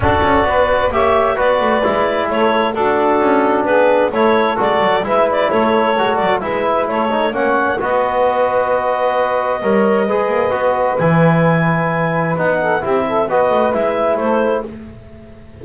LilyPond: <<
  \new Staff \with { instrumentName = "clarinet" } { \time 4/4 \tempo 4 = 131 d''2 e''4 d''4~ | d''4 cis''4 a'2 | b'4 cis''4 d''4 e''8 d''8 | cis''4. d''8 e''4 cis''4 |
fis''4 dis''2.~ | dis''1 | gis''2. fis''4 | e''4 dis''4 e''4 c''4 | }
  \new Staff \with { instrumentName = "saxophone" } { \time 4/4 a'4 b'4 cis''4 b'4~ | b'4 a'4 fis'2 | gis'4 a'2 b'4 | a'2 b'4 a'4 |
cis''4 b'2.~ | b'4 cis''4 b'2~ | b'2.~ b'8 a'8 | g'8 a'8 b'2 a'4 | }
  \new Staff \with { instrumentName = "trombone" } { \time 4/4 fis'2 g'4 fis'4 | e'2 d'2~ | d'4 e'4 fis'4 e'4~ | e'4 fis'4 e'4. dis'8 |
cis'4 fis'2.~ | fis'4 ais'4 gis'4 fis'4 | e'2. dis'4 | e'4 fis'4 e'2 | }
  \new Staff \with { instrumentName = "double bass" } { \time 4/4 d'8 cis'8 b4 ais4 b8 a8 | gis4 a4 d'4 cis'4 | b4 a4 gis8 fis8 gis4 | a4 gis8 fis8 gis4 a4 |
ais4 b2.~ | b4 g4 gis8 ais8 b4 | e2. b4 | c'4 b8 a8 gis4 a4 | }
>>